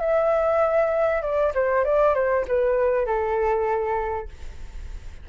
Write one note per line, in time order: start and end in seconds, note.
0.00 1.22 E5
1.22 1.53 D5
1.54 1.84 C5
1.84 2.14 D5
2.14 2.45 C5
2.47 3.06 B4
3.06 4.28 A4